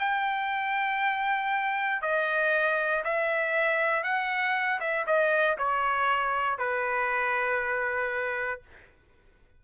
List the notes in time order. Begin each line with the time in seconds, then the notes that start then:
0.00 G5
2.02 D#5
3.05 E5
4.04 F#5
4.81 E5
5.07 D#5
5.58 C#5
6.59 B4